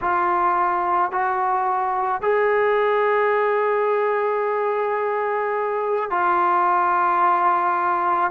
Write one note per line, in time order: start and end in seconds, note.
0.01 1.11 F4
1.11 2.21 F#4
2.21 6.10 G#4
6.10 8.30 F4